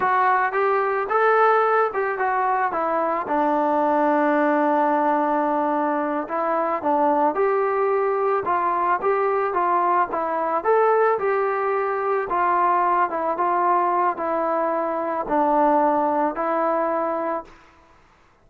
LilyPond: \new Staff \with { instrumentName = "trombone" } { \time 4/4 \tempo 4 = 110 fis'4 g'4 a'4. g'8 | fis'4 e'4 d'2~ | d'2.~ d'8 e'8~ | e'8 d'4 g'2 f'8~ |
f'8 g'4 f'4 e'4 a'8~ | a'8 g'2 f'4. | e'8 f'4. e'2 | d'2 e'2 | }